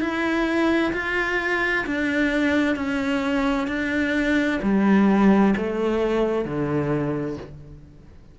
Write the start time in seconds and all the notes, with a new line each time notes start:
0.00 E4
0.93 F4
1.86 D4
2.75 C#4
3.67 D4
4.62 G3
5.56 A3
6.44 D3